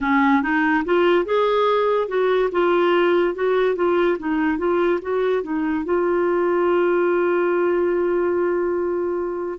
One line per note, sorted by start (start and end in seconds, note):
0.00 0.42 C#4
0.42 0.84 D#4
0.84 1.25 F4
1.25 2.08 G#4
2.08 2.49 F#4
2.52 3.34 F4
3.34 3.75 F#4
3.75 4.17 F4
4.19 4.58 D#4
4.58 4.99 F4
5.02 5.42 F#4
5.42 5.84 D#4
5.84 9.58 F4